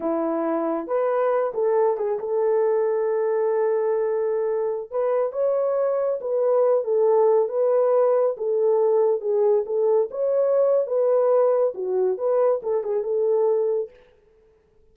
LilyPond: \new Staff \with { instrumentName = "horn" } { \time 4/4 \tempo 4 = 138 e'2 b'4. a'8~ | a'8 gis'8 a'2.~ | a'2.~ a'16 b'8.~ | b'16 cis''2 b'4. a'16~ |
a'4~ a'16 b'2 a'8.~ | a'4~ a'16 gis'4 a'4 cis''8.~ | cis''4 b'2 fis'4 | b'4 a'8 gis'8 a'2 | }